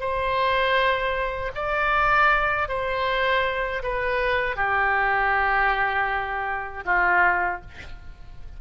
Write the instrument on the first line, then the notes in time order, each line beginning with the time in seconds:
oboe
0.00 C5
1.55 D5
2.69 C5
3.83 B4
4.56 G4
6.85 F4